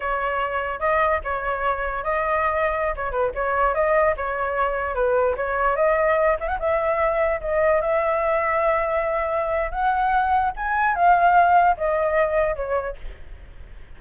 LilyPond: \new Staff \with { instrumentName = "flute" } { \time 4/4 \tempo 4 = 148 cis''2 dis''4 cis''4~ | cis''4 dis''2~ dis''16 cis''8 b'16~ | b'16 cis''4 dis''4 cis''4.~ cis''16~ | cis''16 b'4 cis''4 dis''4. e''16 |
fis''16 e''2 dis''4 e''8.~ | e''1 | fis''2 gis''4 f''4~ | f''4 dis''2 cis''4 | }